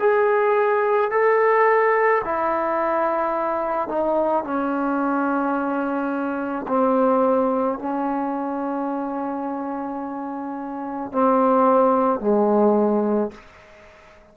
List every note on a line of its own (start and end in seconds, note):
0.00 1.11 G#4
1.11 2.22 A4
2.25 3.89 E4
3.89 4.44 D#4
4.44 6.67 C#4
6.68 7.79 C4
7.79 11.12 C#4
11.12 12.20 C4
12.20 13.31 G#3